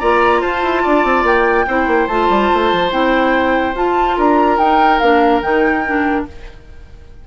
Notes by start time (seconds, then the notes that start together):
0.00 A#3 F4 D5 A#5
0.41 F4 C5 A5
0.62 E4
0.83 D4 D5
1.04 C4
1.24 A#3 G5
1.68 C4 E4 C5
1.88 A#3
2.08 A3 F4 A5
2.30 G3
2.54 A3
2.73 F3
2.91 C4 E4 G5
3.75 F4 A5
4.17 D4 A#4 A#5
4.58 D#4 G5
5.00 A#3 D4 F5
5.42 D#3 D#4 G5
5.86 D4